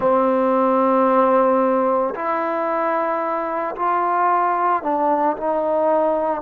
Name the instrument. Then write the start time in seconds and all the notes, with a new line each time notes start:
trombone
0.00 C4
2.14 E4
3.75 F4
4.82 D4
5.37 D#4